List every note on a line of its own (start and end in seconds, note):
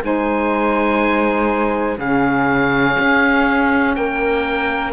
0.00 1.98 G#3
0.00 1.97 D#4
0.00 1.97 C5
0.00 1.99 G#5
1.97 2.96 C#3
1.97 4.92 C#4
1.97 3.94 G#4
1.97 3.95 F5
2.99 3.97 C#4
3.95 4.92 A#3
3.95 4.92 A#4
3.95 4.92 G5